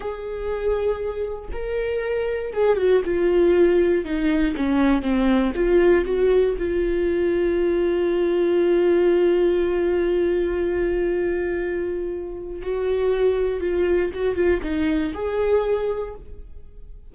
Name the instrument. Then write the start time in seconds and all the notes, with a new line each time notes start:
viola
0.00 G#4
1.52 A#4
2.53 G#4
2.76 F#4
3.04 F4
4.04 D#4
4.56 C#4
5.02 C4
5.55 F4
6.05 F#4
6.58 F4
12.62 F#4
13.60 F4
14.13 F#4
14.35 F4
14.62 D#4
15.14 G#4